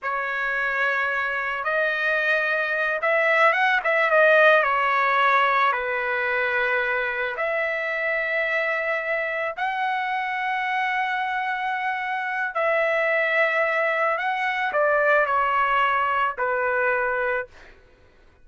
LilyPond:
\new Staff \with { instrumentName = "trumpet" } { \time 4/4 \tempo 4 = 110 cis''2. dis''4~ | dis''4. e''4 fis''8 e''8 dis''8~ | dis''8 cis''2 b'4.~ | b'4. e''2~ e''8~ |
e''4. fis''2~ fis''8~ | fis''2. e''4~ | e''2 fis''4 d''4 | cis''2 b'2 | }